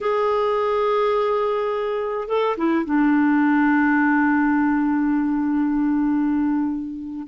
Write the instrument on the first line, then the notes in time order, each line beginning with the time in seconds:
clarinet
0.00 G#4
2.28 A4
2.57 E4
2.85 D4